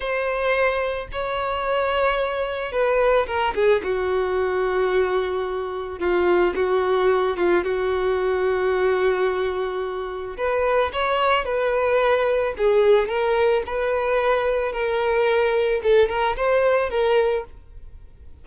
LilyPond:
\new Staff \with { instrumentName = "violin" } { \time 4/4 \tempo 4 = 110 c''2 cis''2~ | cis''4 b'4 ais'8 gis'8 fis'4~ | fis'2. f'4 | fis'4. f'8 fis'2~ |
fis'2. b'4 | cis''4 b'2 gis'4 | ais'4 b'2 ais'4~ | ais'4 a'8 ais'8 c''4 ais'4 | }